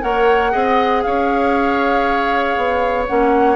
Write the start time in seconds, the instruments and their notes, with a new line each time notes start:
0.00 bassoon A#3, clarinet A#4, oboe C#5, flute F#5
0.51 bassoon C4, clarinet G#4, oboe D#5
1.02 bassoon C#4, oboe C#5, flute F5
2.57 bassoon B3
3.07 bassoon A#3, clarinet C#4, flute F#5